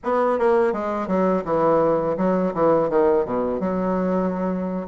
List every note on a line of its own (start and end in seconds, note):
0.03 0.38 B3
0.38 0.72 A#3
0.72 1.07 G#3
1.07 1.43 F#3
1.44 2.16 E3
2.17 2.53 F#3
2.54 2.89 E3
2.89 3.25 D#3
3.25 3.59 B2
3.59 4.86 F#3